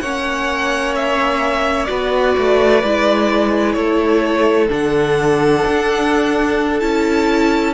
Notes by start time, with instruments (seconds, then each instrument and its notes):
0.00 cello A#3, viola C#4, violin C#5 F#5
0.95 violin E5
1.84 cello B3, viola F#4, violin D5
1.90 violin B4
2.37 cello A3
2.83 cello G#3, viola E4
3.72 cello A3, violin A4 C#5
4.68 cello D3, viola D4, violin F#5
5.65 cello D4
6.79 cello C#4, viola E4, violin A5